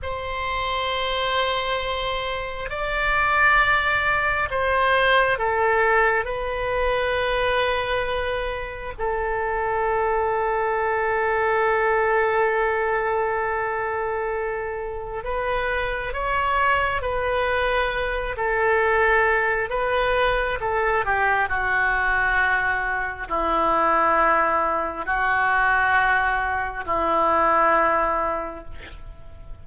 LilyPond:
\new Staff \with { instrumentName = "oboe" } { \time 4/4 \tempo 4 = 67 c''2. d''4~ | d''4 c''4 a'4 b'4~ | b'2 a'2~ | a'1~ |
a'4 b'4 cis''4 b'4~ | b'8 a'4. b'4 a'8 g'8 | fis'2 e'2 | fis'2 e'2 | }